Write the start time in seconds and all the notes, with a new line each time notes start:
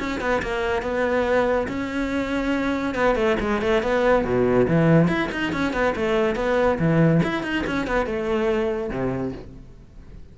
0.00 C#4
0.21 B3
0.43 A#3
0.83 B3
1.68 C#4
2.95 B3
3.16 A3
3.41 G#3
3.62 A3
3.83 B3
4.25 B2
4.68 E3
5.08 E4
5.32 D#4
5.53 C#4
5.73 B3
5.96 A3
6.36 B3
6.79 E3
7.24 E4
7.44 D#4
7.67 C#4
7.87 B3
8.07 A3
8.90 C3